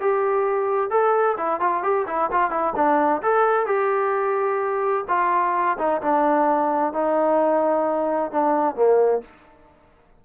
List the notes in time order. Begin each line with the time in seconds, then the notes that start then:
0.00 G4
0.90 A4
1.37 E4
1.60 F4
1.83 G4
2.07 E4
2.31 F4
2.50 E4
2.76 D4
3.22 A4
3.66 G4
5.08 F4
5.78 D#4
6.01 D4
6.93 D#4
8.31 D4
8.75 A#3